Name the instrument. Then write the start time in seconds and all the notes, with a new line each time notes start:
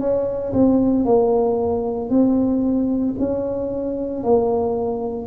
tuba
0.00 C#4
0.53 C4
1.05 A#3
2.10 C4
3.19 C#4
4.23 A#3